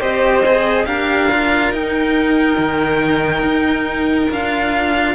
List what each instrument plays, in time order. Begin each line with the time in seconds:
0.00 cello C4 G4, violin C5 D#5
0.46 cello G#4
0.85 cello D4 G4, violin A#4 F5
1.32 cello F4
1.71 cello D#4, violin G5
2.58 cello D#3
3.43 cello D#4
4.30 cello D4 F4, violin F5